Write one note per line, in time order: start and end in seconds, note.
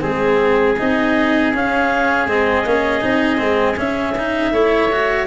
0.00 0.78 G#3
0.00 0.75 C4
0.00 4.51 G#4
0.00 0.77 G#4
0.78 1.53 C4
0.78 1.53 D#4
0.78 1.54 D#5
1.53 2.26 C#4
1.53 2.28 C#4
1.53 2.27 F5
2.26 2.63 G#3
2.26 2.65 C4
2.26 3.77 D#5
2.65 3.02 A#3
2.65 3.01 C#4
3.01 3.40 C4
3.01 3.38 D#4
3.38 3.77 G#3
3.38 3.75 C4
3.76 4.14 C#4
3.76 4.52 C#4
3.76 5.27 E5
4.17 4.53 D#4
4.52 5.27 A3
4.52 4.91 E4
4.52 5.27 C#5
4.91 5.27 F#4